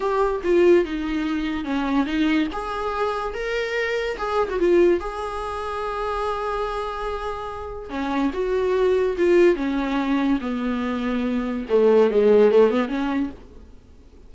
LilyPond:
\new Staff \with { instrumentName = "viola" } { \time 4/4 \tempo 4 = 144 g'4 f'4 dis'2 | cis'4 dis'4 gis'2 | ais'2 gis'8. fis'16 f'4 | gis'1~ |
gis'2. cis'4 | fis'2 f'4 cis'4~ | cis'4 b2. | a4 gis4 a8 b8 cis'4 | }